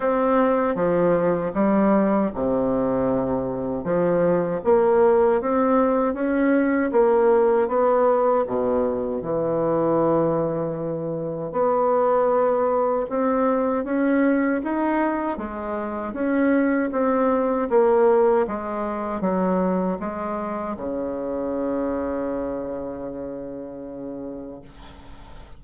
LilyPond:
\new Staff \with { instrumentName = "bassoon" } { \time 4/4 \tempo 4 = 78 c'4 f4 g4 c4~ | c4 f4 ais4 c'4 | cis'4 ais4 b4 b,4 | e2. b4~ |
b4 c'4 cis'4 dis'4 | gis4 cis'4 c'4 ais4 | gis4 fis4 gis4 cis4~ | cis1 | }